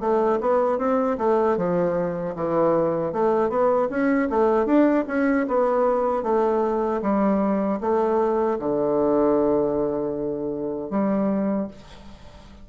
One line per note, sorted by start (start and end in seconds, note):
0.00 0.39 A3
0.41 0.78 B3
0.78 1.17 C4
1.18 1.57 A3
1.57 2.35 F3
2.35 3.12 E3
3.12 3.49 A3
3.49 3.88 B3
3.90 4.29 C#4
4.30 4.66 A3
4.66 5.04 D4
5.08 5.47 C#4
5.48 6.23 B3
6.23 7.01 A3
7.02 7.80 G3
7.80 8.58 A3
8.59 10.90 D3
10.90 11.68 G3